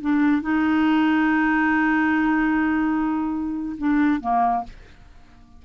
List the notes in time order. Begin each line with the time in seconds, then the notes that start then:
0.00 D4
0.41 D#4
3.77 D4
4.20 A#3